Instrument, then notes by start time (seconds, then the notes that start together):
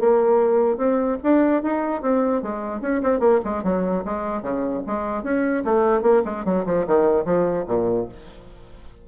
bassoon
0.00 A#3
0.78 C4
1.23 D4
1.63 D#4
2.02 C4
2.43 G#3
2.82 C#4
3.03 C4
3.20 A#3
3.45 G#3
3.64 F#3
4.05 G#3
4.43 C#3
4.87 G#3
5.24 C#4
5.65 A3
6.03 A#3
6.25 G#3
6.45 F#3
6.66 F3
6.87 D#3
7.25 F3
7.68 A#2